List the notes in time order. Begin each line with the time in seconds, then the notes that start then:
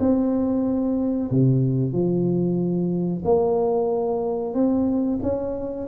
0.00 C4
1.31 C3
1.93 F3
3.25 A#3
4.54 C4
5.23 C#4